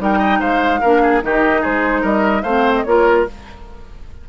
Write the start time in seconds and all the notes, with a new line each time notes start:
0.00 G3 D#4 A#4 G5
0.19 D#5
0.40 G#3 C5 F5
0.81 A#3 D4 A#4
1.03 G#4
1.22 D#3 D#4 G4 D#5
1.62 G#3 G#4 C5
2.02 G3 A#4 D#5
2.43 A3 C4 C5 F5
2.76 D#5
2.84 A#3 F4 A#4 C#5